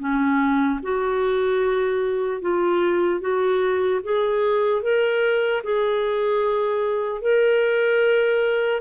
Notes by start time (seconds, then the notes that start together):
0.00 C#4
0.83 F#4
2.41 F4
3.21 F#4
4.04 G#4
4.82 A#4
5.64 G#4
7.21 A#4